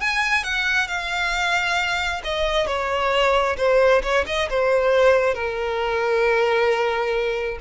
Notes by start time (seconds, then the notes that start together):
0.00 G#5
0.43 F#5
0.87 F5
2.23 D#5
2.66 C#5
3.57 C5
4.02 C#5
4.26 D#5
4.49 C5
5.34 A#4